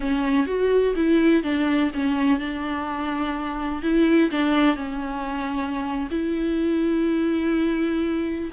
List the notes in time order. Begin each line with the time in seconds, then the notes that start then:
0.00 C#4
0.46 F#4
0.95 E4
1.43 D4
1.93 C#4
2.39 D4
3.82 E4
4.30 D4
4.76 C#4
6.10 E4